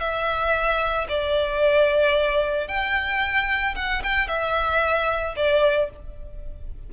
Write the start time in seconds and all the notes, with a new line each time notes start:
0.00 E5
1.09 D5
2.68 G5
3.75 F#5
4.04 G5
4.28 E5
5.36 D5